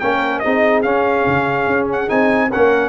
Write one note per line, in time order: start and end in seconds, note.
0.00 0.44 A#3
0.00 0.44 C#4
0.00 0.43 A#4
0.00 0.40 G5
0.40 0.85 C4
0.40 0.84 D#4
0.40 2.49 G#4
0.40 0.81 D#5
0.83 2.08 C#4
0.83 1.26 C#4
0.83 1.87 F5
1.27 1.67 C#3
1.67 2.08 C#4
1.92 2.10 F#5
2.08 2.53 C4
2.08 2.50 D#4
2.08 2.51 G#5
2.49 2.89 C#4
2.49 2.89 A#4
2.49 2.89 F#5
2.55 2.89 A#3